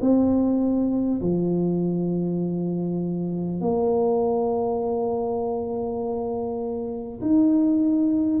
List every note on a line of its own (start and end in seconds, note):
0.00 1.20 C4
1.21 3.61 F3
3.61 7.21 A#3
7.21 8.40 D#4